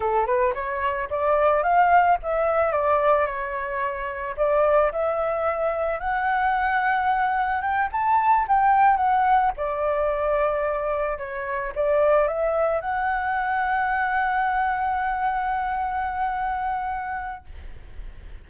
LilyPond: \new Staff \with { instrumentName = "flute" } { \time 4/4 \tempo 4 = 110 a'8 b'8 cis''4 d''4 f''4 | e''4 d''4 cis''2 | d''4 e''2 fis''4~ | fis''2 g''8 a''4 g''8~ |
g''8 fis''4 d''2~ d''8~ | d''8 cis''4 d''4 e''4 fis''8~ | fis''1~ | fis''1 | }